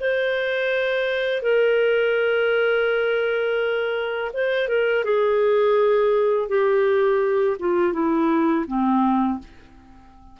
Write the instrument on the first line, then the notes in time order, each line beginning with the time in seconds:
clarinet
0.00 C5
1.42 A#4
4.33 C5
4.68 A#4
5.04 G#4
6.49 G4
7.59 F4
7.93 E4
8.66 C4